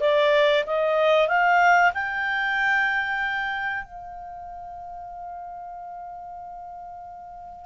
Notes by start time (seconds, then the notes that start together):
0.00 D5
0.66 D#5
1.28 F5
1.94 G5
3.84 F5